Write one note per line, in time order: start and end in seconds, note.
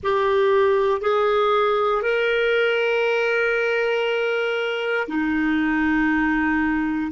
0.03 1.01 G4
1.01 2.02 G#4
2.02 5.07 A#4
5.08 7.11 D#4